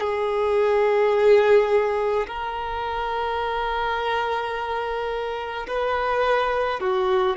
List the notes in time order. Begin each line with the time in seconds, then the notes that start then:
0.00 G#4
2.27 A#4
5.68 B4
6.80 F#4